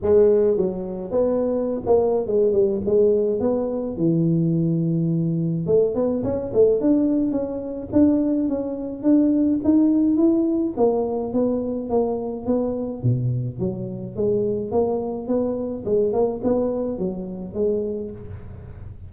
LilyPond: \new Staff \with { instrumentName = "tuba" } { \time 4/4 \tempo 4 = 106 gis4 fis4 b4~ b16 ais8. | gis8 g8 gis4 b4 e4~ | e2 a8 b8 cis'8 a8 | d'4 cis'4 d'4 cis'4 |
d'4 dis'4 e'4 ais4 | b4 ais4 b4 b,4 | fis4 gis4 ais4 b4 | gis8 ais8 b4 fis4 gis4 | }